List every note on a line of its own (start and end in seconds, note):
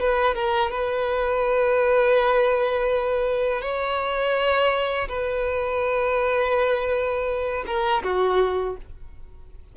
0.00 0.35 B4
0.35 0.71 A#4
0.71 3.62 B4
3.62 5.08 C#5
5.09 7.65 B4
7.66 8.03 A#4
8.03 8.76 F#4